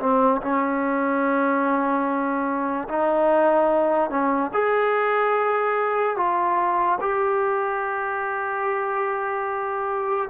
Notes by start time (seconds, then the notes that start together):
0.00 C4
0.42 C#4
2.89 D#4
4.10 C#4
4.54 G#4
6.17 F4
7.01 G4